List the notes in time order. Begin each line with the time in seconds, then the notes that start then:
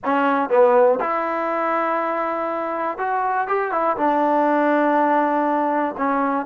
0.04 C#4
0.49 B3
1.00 E4
2.98 F#4
3.47 G4
3.71 E4
3.96 D4
5.97 C#4